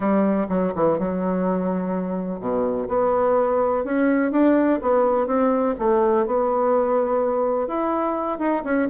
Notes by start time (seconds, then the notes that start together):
0.00 G3
0.48 F#3
0.75 E3
0.98 F#3
2.40 B2
2.88 B3
3.84 C#4
4.31 D4
4.81 B3
5.27 C4
5.78 A3
6.26 B3
7.67 E4
8.38 D#4
8.64 C#4